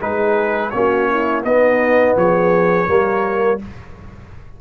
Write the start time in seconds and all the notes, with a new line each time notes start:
0.00 G#3 D#4 G#4 B4
0.70 A#3 C#4 F#4 C#5
1.10 E4
1.44 B3 D#4 D#5
2.16 F3 G#4 C#5
2.88 G3 A#3 A#4